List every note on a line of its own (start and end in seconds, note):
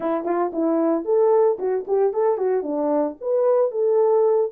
0.00 0.25 E4
0.25 0.51 F4
0.53 1.05 E4
1.05 1.58 A4
1.58 1.85 F#4
1.87 2.13 G4
2.13 2.37 A4
2.37 2.63 F#4
2.63 3.16 D4
3.21 3.71 B4
3.71 4.51 A4